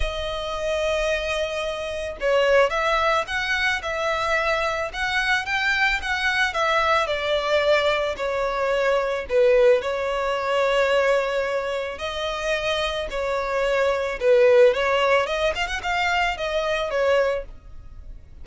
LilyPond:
\new Staff \with { instrumentName = "violin" } { \time 4/4 \tempo 4 = 110 dis''1 | cis''4 e''4 fis''4 e''4~ | e''4 fis''4 g''4 fis''4 | e''4 d''2 cis''4~ |
cis''4 b'4 cis''2~ | cis''2 dis''2 | cis''2 b'4 cis''4 | dis''8 f''16 fis''16 f''4 dis''4 cis''4 | }